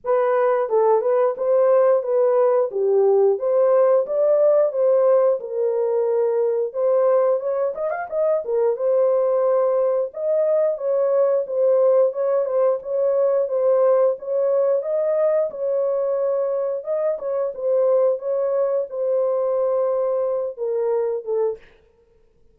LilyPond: \new Staff \with { instrumentName = "horn" } { \time 4/4 \tempo 4 = 89 b'4 a'8 b'8 c''4 b'4 | g'4 c''4 d''4 c''4 | ais'2 c''4 cis''8 dis''16 f''16 | dis''8 ais'8 c''2 dis''4 |
cis''4 c''4 cis''8 c''8 cis''4 | c''4 cis''4 dis''4 cis''4~ | cis''4 dis''8 cis''8 c''4 cis''4 | c''2~ c''8 ais'4 a'8 | }